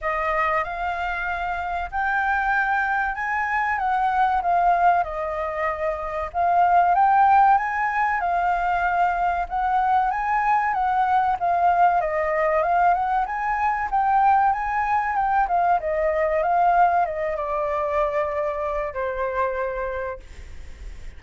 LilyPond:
\new Staff \with { instrumentName = "flute" } { \time 4/4 \tempo 4 = 95 dis''4 f''2 g''4~ | g''4 gis''4 fis''4 f''4 | dis''2 f''4 g''4 | gis''4 f''2 fis''4 |
gis''4 fis''4 f''4 dis''4 | f''8 fis''8 gis''4 g''4 gis''4 | g''8 f''8 dis''4 f''4 dis''8 d''8~ | d''2 c''2 | }